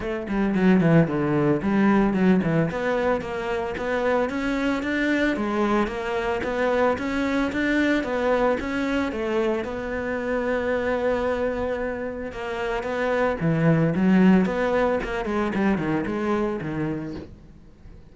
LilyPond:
\new Staff \with { instrumentName = "cello" } { \time 4/4 \tempo 4 = 112 a8 g8 fis8 e8 d4 g4 | fis8 e8 b4 ais4 b4 | cis'4 d'4 gis4 ais4 | b4 cis'4 d'4 b4 |
cis'4 a4 b2~ | b2. ais4 | b4 e4 fis4 b4 | ais8 gis8 g8 dis8 gis4 dis4 | }